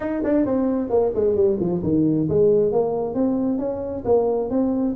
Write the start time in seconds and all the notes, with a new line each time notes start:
0.00 D#4
0.24 D4
0.45 C4
0.89 A#3
1.14 G#3
1.35 G3
1.60 F3
1.83 D#3
2.29 G#3
2.72 A#3
3.14 C4
3.58 C#4
4.05 A#3
4.49 C4